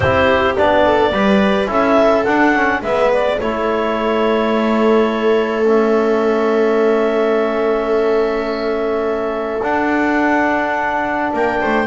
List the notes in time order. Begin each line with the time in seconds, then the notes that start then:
0.00 C4 E4 G4 C5
0.56 B3 D4 D5
0.84 A4
1.12 G3 G4 B4
1.67 C#4 E4 A4 E5
2.25 D4 F#5
2.55 C#4
2.82 G#3 B3 B4 E5
3.13 D5
3.39 A3 E4 A4 C#5
5.63 C#4 E5
9.61 D4 F#5
11.32 A#3 A#4 G5
11.61 A3 C5